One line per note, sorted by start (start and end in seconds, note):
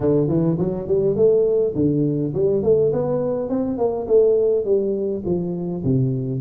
0.00 0.28 D3
0.28 0.57 E3
0.58 0.87 F#3
0.87 1.15 G3
1.15 1.74 A3
1.75 2.33 D3
2.34 2.62 G3
2.62 2.92 A3
2.92 3.49 B3
3.49 3.77 C4
3.77 4.06 A#3
4.07 4.64 A3
4.64 5.23 G3
5.25 5.83 F3
5.84 6.41 C3